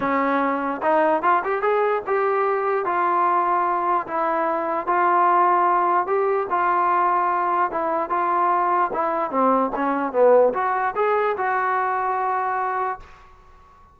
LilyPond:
\new Staff \with { instrumentName = "trombone" } { \time 4/4 \tempo 4 = 148 cis'2 dis'4 f'8 g'8 | gis'4 g'2 f'4~ | f'2 e'2 | f'2. g'4 |
f'2. e'4 | f'2 e'4 c'4 | cis'4 b4 fis'4 gis'4 | fis'1 | }